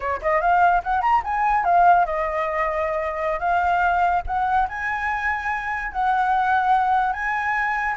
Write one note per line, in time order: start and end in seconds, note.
0.00 0.20 C#5
0.21 0.41 D#5
0.41 0.82 F5
0.83 1.01 F#5
1.01 1.22 A#5
1.24 1.64 G#5
1.64 2.05 F5
2.05 3.39 D#5
3.39 4.22 F5
4.26 4.68 F#5
4.68 5.92 G#5
5.92 7.13 F#5
7.13 7.95 G#5